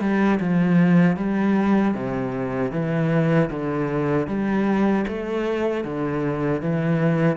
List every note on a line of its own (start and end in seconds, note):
0.00 0.39 G3
0.40 1.16 F3
1.16 1.94 G3
1.94 2.72 C3
2.72 3.50 E3
3.50 4.27 D3
4.27 5.05 G3
5.08 5.84 A3
5.84 6.61 D3
6.61 7.36 E3